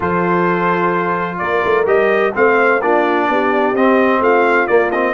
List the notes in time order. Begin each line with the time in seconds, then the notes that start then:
0.00 F3 F4 A4 C5
1.38 A#3 A#4 D5
1.64 A3
1.85 G3 G4 D#5
2.34 A3 C4 C5 F5
2.81 A#3 D4 F4 D5
3.28 B3 G4
3.72 C4 D#5
4.20 A3 F4 F5
4.67 A#3 D5
4.91 C4 D#5